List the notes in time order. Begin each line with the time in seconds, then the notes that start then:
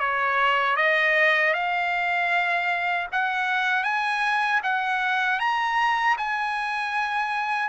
0.00 C#5
0.77 D#5
1.53 F5
3.12 F#5
3.84 G#5
4.63 F#5
5.40 A#5
6.18 G#5